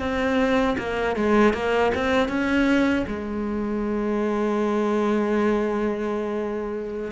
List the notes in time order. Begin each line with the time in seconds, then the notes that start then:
0.00 C4
0.78 A#3
1.16 G#3
1.54 A#3
1.95 C4
2.29 C#4
3.08 G#3